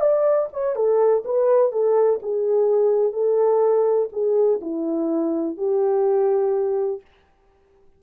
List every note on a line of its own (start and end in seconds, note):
0.00 0.48 D5
0.53 0.75 C#5
0.75 1.23 A4
1.24 1.72 B4
1.72 2.20 A4
2.22 3.13 G#4
3.13 4.09 A4
4.12 4.60 G#4
4.61 5.57 E4
5.57 7.01 G4